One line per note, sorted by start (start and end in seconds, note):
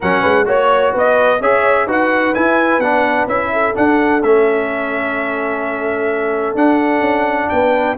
0.00 0.23 F#3
0.00 0.45 C#4
0.00 0.21 A#4
0.00 0.48 F#5
0.21 0.47 G#3
0.21 0.44 B4
0.45 0.94 A#3
0.45 1.38 F#4
0.45 0.92 C#5
0.45 0.96 C#5
0.92 1.40 B3
0.92 1.39 B4
0.92 1.41 D#5
1.40 1.86 C#4
1.40 1.87 G#4
1.40 1.87 C#5
1.40 1.88 E5
1.86 2.33 D#4
1.86 2.34 F#4
1.86 3.51 B4
1.86 2.34 F#5
2.34 2.81 E4
2.34 2.78 E4
2.34 2.80 G#5
2.78 3.25 B3
2.78 3.29 D4
2.78 3.27 F#5
3.26 3.73 C#4
3.26 3.74 E4
3.26 3.75 E5
3.53 7.51 A4
3.74 4.21 D4
3.74 4.22 D4
3.74 4.22 F#5
4.22 6.55 A3
4.22 6.56 C#4
4.22 6.56 E5
6.55 7.00 D4
6.55 7.96 D4
6.55 7.49 F#5
7.00 7.46 C#4
7.49 7.97 B3
7.49 7.97 B4
7.49 7.96 G5